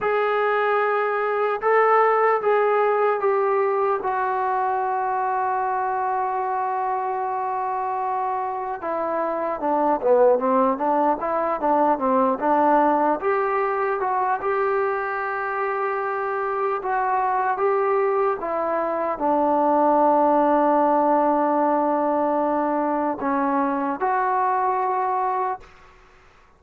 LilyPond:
\new Staff \with { instrumentName = "trombone" } { \time 4/4 \tempo 4 = 75 gis'2 a'4 gis'4 | g'4 fis'2.~ | fis'2. e'4 | d'8 b8 c'8 d'8 e'8 d'8 c'8 d'8~ |
d'8 g'4 fis'8 g'2~ | g'4 fis'4 g'4 e'4 | d'1~ | d'4 cis'4 fis'2 | }